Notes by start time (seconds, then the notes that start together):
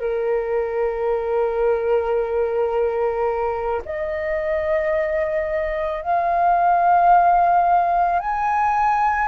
0.00 A#4
3.85 D#5
6.02 F5
8.20 G#5